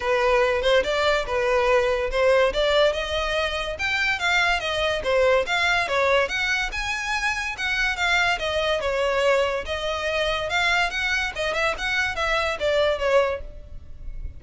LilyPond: \new Staff \with { instrumentName = "violin" } { \time 4/4 \tempo 4 = 143 b'4. c''8 d''4 b'4~ | b'4 c''4 d''4 dis''4~ | dis''4 g''4 f''4 dis''4 | c''4 f''4 cis''4 fis''4 |
gis''2 fis''4 f''4 | dis''4 cis''2 dis''4~ | dis''4 f''4 fis''4 dis''8 e''8 | fis''4 e''4 d''4 cis''4 | }